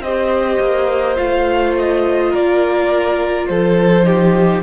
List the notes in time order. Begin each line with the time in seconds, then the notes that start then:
0.00 C4 G4 C5 D#5
0.60 A#3
1.16 A3 F4 F5
1.78 D#5
2.31 A#3 A#4 D5
3.47 F3 A4 C5
4.03 D#4 G4